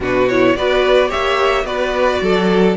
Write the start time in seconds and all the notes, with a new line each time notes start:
0.00 B2 D4 F#4 B4
0.28 E4 C#5
0.56 B3 F#4 B4 D5
1.08 G4 C#5 E5
1.14 A#3
1.64 B3 F#4 B4 D5
2.21 F#3 A4